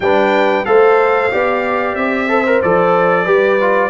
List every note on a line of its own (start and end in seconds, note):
0.00 0.65 G3
0.00 0.65 D4
0.00 0.66 B4
0.00 0.65 G5
0.65 1.32 A3
0.65 1.30 A4
0.65 1.31 C5
0.65 1.95 F5
1.31 1.94 B3
1.31 2.28 G4
1.31 2.29 D5
1.94 2.60 C4
1.94 2.60 E5
2.28 2.44 A4
2.28 3.24 C5
2.46 2.62 A#4
2.62 3.26 F3
2.62 3.26 A4
2.62 3.90 D5
3.24 3.90 G3
3.24 3.58 G4
3.24 3.89 B4
3.60 3.90 F4